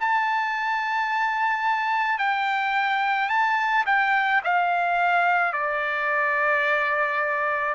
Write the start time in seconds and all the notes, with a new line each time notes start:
0.00 A5
2.19 G5
3.29 A5
3.86 G5
4.44 F5
5.53 D5